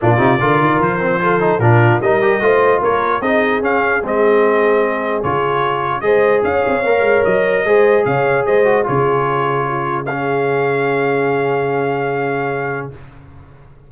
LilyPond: <<
  \new Staff \with { instrumentName = "trumpet" } { \time 4/4 \tempo 4 = 149 d''2 c''2 | ais'4 dis''2 cis''4 | dis''4 f''4 dis''2~ | dis''4 cis''2 dis''4 |
f''2 dis''2 | f''4 dis''4 cis''2~ | cis''4 f''2.~ | f''1 | }
  \new Staff \with { instrumentName = "horn" } { \time 4/4 f'4 ais'2 a'4 | f'4 ais'4 c''4 ais'4 | gis'1~ | gis'2. c''4 |
cis''2. c''4 | cis''4 c''4 gis'2 | f'4 gis'2.~ | gis'1 | }
  \new Staff \with { instrumentName = "trombone" } { \time 4/4 d'8 dis'8 f'4. c'8 f'8 dis'8 | d'4 dis'8 g'8 f'2 | dis'4 cis'4 c'2~ | c'4 f'2 gis'4~ |
gis'4 ais'2 gis'4~ | gis'4. fis'8 f'2~ | f'4 cis'2.~ | cis'1 | }
  \new Staff \with { instrumentName = "tuba" } { \time 4/4 ais,8 c8 d8 dis8 f2 | ais,4 g4 a4 ais4 | c'4 cis'4 gis2~ | gis4 cis2 gis4 |
cis'8 c'8 ais8 gis8 fis4 gis4 | cis4 gis4 cis2~ | cis1~ | cis1 | }
>>